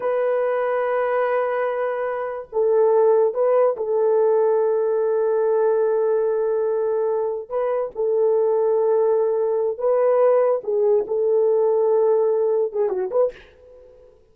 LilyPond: \new Staff \with { instrumentName = "horn" } { \time 4/4 \tempo 4 = 144 b'1~ | b'2 a'2 | b'4 a'2.~ | a'1~ |
a'2 b'4 a'4~ | a'2.~ a'8 b'8~ | b'4. gis'4 a'4.~ | a'2~ a'8 gis'8 fis'8 b'8 | }